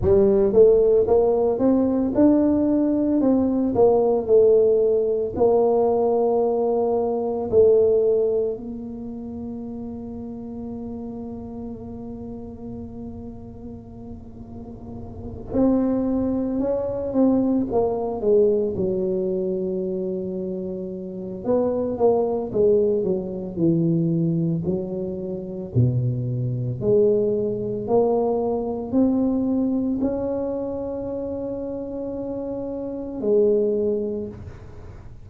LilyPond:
\new Staff \with { instrumentName = "tuba" } { \time 4/4 \tempo 4 = 56 g8 a8 ais8 c'8 d'4 c'8 ais8 | a4 ais2 a4 | ais1~ | ais2~ ais8 c'4 cis'8 |
c'8 ais8 gis8 fis2~ fis8 | b8 ais8 gis8 fis8 e4 fis4 | b,4 gis4 ais4 c'4 | cis'2. gis4 | }